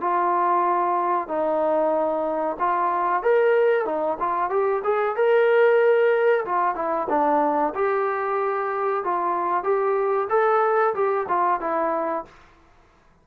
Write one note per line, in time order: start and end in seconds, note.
0.00 1.28 F4
1.28 2.57 D#4
2.59 3.22 F4
3.22 3.85 A#4
3.85 4.17 D#4
4.19 4.50 F4
4.50 4.82 G4
4.84 5.16 G#4
5.16 6.45 A#4
6.45 6.75 F4
6.75 7.07 E4
7.09 7.73 D4
7.74 9.04 G4
9.04 9.63 F4
9.63 10.28 G4
10.29 10.94 A4
10.94 11.26 G4
11.28 11.60 F4
11.60 12.25 E4